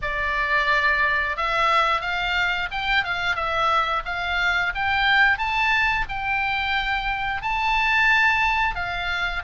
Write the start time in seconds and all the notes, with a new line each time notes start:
0.02 D5
1.36 E5
2.01 F5
2.71 G5
3.04 F5
3.35 E5
4.05 F5
4.74 G5
5.37 A5
6.08 G5
7.42 A5
8.75 F5